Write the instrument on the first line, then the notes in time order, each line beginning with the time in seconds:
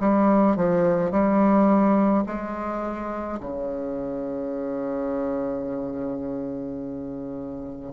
bassoon
0.00 G3
0.57 F3
1.11 G3
2.26 G#3
3.40 C#3